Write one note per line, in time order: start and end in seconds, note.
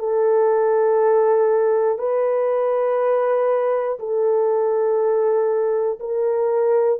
0.00 1.99 A4
1.99 3.99 B4
4.00 6.00 A4
6.00 7.00 A#4